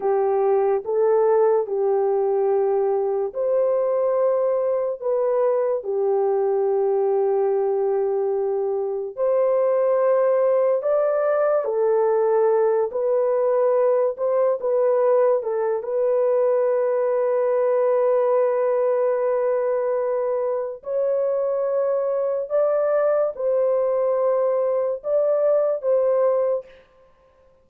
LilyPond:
\new Staff \with { instrumentName = "horn" } { \time 4/4 \tempo 4 = 72 g'4 a'4 g'2 | c''2 b'4 g'4~ | g'2. c''4~ | c''4 d''4 a'4. b'8~ |
b'4 c''8 b'4 a'8 b'4~ | b'1~ | b'4 cis''2 d''4 | c''2 d''4 c''4 | }